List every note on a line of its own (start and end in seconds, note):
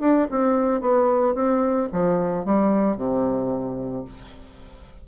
0.00 0.27 D4
0.30 0.81 C4
0.81 1.34 B3
1.34 1.88 C4
1.92 2.45 F3
2.45 2.96 G3
2.96 4.04 C3